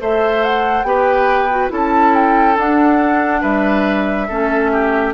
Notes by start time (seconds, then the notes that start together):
0.00 A3 A4 C5 E5
0.44 F#5
0.84 B3 G4 B4 G5
1.51 F#4
1.69 C#4 E4 A4 A5
2.15 G5
2.56 D4 F#5
3.42 G3 B4 E5
4.28 A3 C#4 A4
4.72 G4